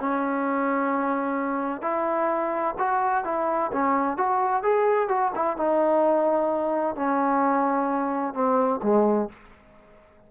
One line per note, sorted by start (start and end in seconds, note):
0.00 1.82 C#4
1.82 2.75 E4
2.79 3.25 F#4
3.25 3.71 E4
3.73 4.17 C#4
4.17 4.63 F#4
4.63 5.09 G#4
5.09 5.32 F#4
5.36 5.57 E4
5.57 6.96 D#4
6.96 8.34 C#4
8.34 8.81 C4
8.83 9.29 G#3